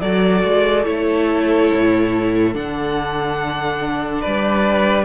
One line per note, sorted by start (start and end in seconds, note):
0.00 0.44 F#3
0.00 0.85 F#4
0.00 4.22 A4
0.00 0.85 D5
0.45 0.87 G#3
0.85 1.72 A3
0.85 2.54 E4
0.85 2.54 C#5
1.74 2.55 A2
2.54 4.24 D3
2.54 5.05 D4
2.54 4.22 F#5
4.22 5.05 G3
4.22 5.05 B4
4.22 5.05 D5